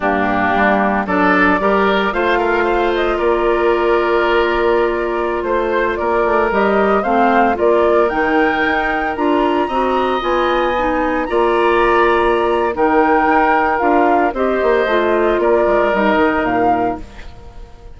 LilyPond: <<
  \new Staff \with { instrumentName = "flute" } { \time 4/4 \tempo 4 = 113 g'2 d''2 | f''4. dis''8 d''2~ | d''2~ d''16 c''4 d''8.~ | d''16 dis''4 f''4 d''4 g''8.~ |
g''4~ g''16 ais''2 gis''8.~ | gis''4~ gis''16 ais''2~ ais''8. | g''2 f''4 dis''4~ | dis''4 d''4 dis''4 f''4 | }
  \new Staff \with { instrumentName = "oboe" } { \time 4/4 d'2 a'4 ais'4 | c''8 ais'8 c''4 ais'2~ | ais'2~ ais'16 c''4 ais'8.~ | ais'4~ ais'16 c''4 ais'4.~ ais'16~ |
ais'2~ ais'16 dis''4.~ dis''16~ | dis''4~ dis''16 d''2~ d''8. | ais'2. c''4~ | c''4 ais'2. | }
  \new Staff \with { instrumentName = "clarinet" } { \time 4/4 ais2 d'4 g'4 | f'1~ | f'1~ | f'16 g'4 c'4 f'4 dis'8.~ |
dis'4~ dis'16 f'4 fis'4 f'8.~ | f'16 dis'4 f'2~ f'8. | dis'2 f'4 g'4 | f'2 dis'2 | }
  \new Staff \with { instrumentName = "bassoon" } { \time 4/4 g,4 g4 fis4 g4 | a2 ais2~ | ais2~ ais16 a4 ais8 a16~ | a16 g4 a4 ais4 dis8.~ |
dis16 dis'4 d'4 c'4 b8.~ | b4~ b16 ais2~ ais8. | dis4 dis'4 d'4 c'8 ais8 | a4 ais8 gis8 g8 dis8 ais,4 | }
>>